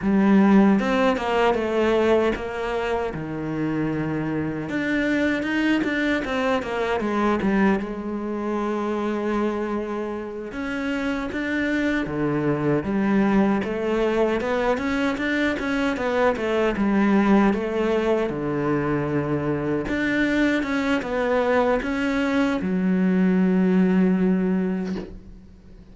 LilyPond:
\new Staff \with { instrumentName = "cello" } { \time 4/4 \tempo 4 = 77 g4 c'8 ais8 a4 ais4 | dis2 d'4 dis'8 d'8 | c'8 ais8 gis8 g8 gis2~ | gis4. cis'4 d'4 d8~ |
d8 g4 a4 b8 cis'8 d'8 | cis'8 b8 a8 g4 a4 d8~ | d4. d'4 cis'8 b4 | cis'4 fis2. | }